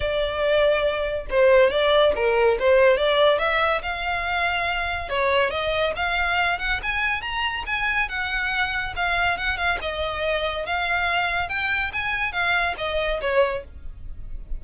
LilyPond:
\new Staff \with { instrumentName = "violin" } { \time 4/4 \tempo 4 = 141 d''2. c''4 | d''4 ais'4 c''4 d''4 | e''4 f''2. | cis''4 dis''4 f''4. fis''8 |
gis''4 ais''4 gis''4 fis''4~ | fis''4 f''4 fis''8 f''8 dis''4~ | dis''4 f''2 g''4 | gis''4 f''4 dis''4 cis''4 | }